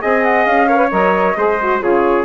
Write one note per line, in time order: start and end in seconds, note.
0.00 0.46 C4
0.00 0.68 G#4
0.00 0.68 D#5
0.00 0.23 G#5
0.23 0.46 F#5
0.46 0.91 C#4
0.46 0.91 F5
0.68 0.77 A#4
0.68 1.36 C#5
0.77 0.88 B4
0.91 1.36 F#3
0.91 1.36 A#4
0.91 1.81 D#5
1.36 1.81 G#3
1.36 1.59 G#4
1.36 1.83 C5
1.61 1.80 F#4
1.80 2.25 C#3
1.80 2.25 F4
1.80 2.25 G#4
1.80 2.25 C#5